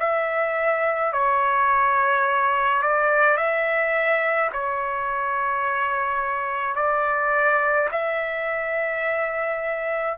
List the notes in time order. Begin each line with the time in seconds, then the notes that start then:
0.00 E5
1.13 C#5
2.83 D5
3.38 E5
4.53 C#5
6.76 D5
7.92 E5